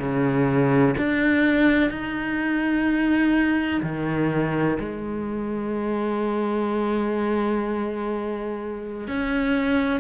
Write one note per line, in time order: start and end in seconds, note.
0.00 0.95 C#3
0.98 1.90 D4
1.90 3.81 D#4
3.83 4.78 D#3
4.80 9.08 G#3
9.08 10.00 C#4